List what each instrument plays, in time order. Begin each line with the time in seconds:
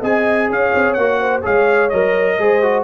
0.00 tuba C4, trombone G#4, horn D#5, trumpet G#5
0.49 tuba C#4, horn C#5, trumpet F5
0.75 tuba C4
0.93 tuba A#3, trumpet F#5
1.00 trombone F#4
1.20 horn C5
1.41 tuba G#3, trombone G#4, horn C#5, trumpet F5
1.89 tuba F#3, trombone A#4, trumpet D#5
2.39 tuba G#3, trombone G#4, horn C5
2.63 trombone F#4